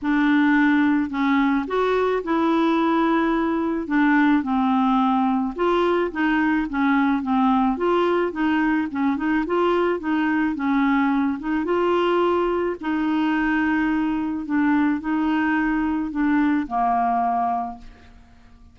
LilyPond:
\new Staff \with { instrumentName = "clarinet" } { \time 4/4 \tempo 4 = 108 d'2 cis'4 fis'4 | e'2. d'4 | c'2 f'4 dis'4 | cis'4 c'4 f'4 dis'4 |
cis'8 dis'8 f'4 dis'4 cis'4~ | cis'8 dis'8 f'2 dis'4~ | dis'2 d'4 dis'4~ | dis'4 d'4 ais2 | }